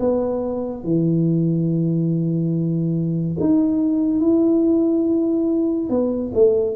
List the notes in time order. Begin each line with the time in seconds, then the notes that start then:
0.00 B3
0.84 E3
3.41 D#4
4.21 E4
5.90 B3
6.35 A3